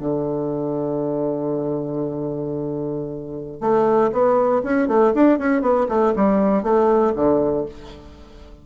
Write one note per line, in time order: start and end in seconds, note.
0.00 3.61 D3
3.61 4.11 A3
4.12 4.62 B3
4.63 4.88 C#4
4.88 5.13 A3
5.14 5.38 D4
5.38 5.62 C#4
5.62 5.87 B3
5.88 6.13 A3
6.16 6.63 G3
6.63 7.13 A3
7.15 7.65 D3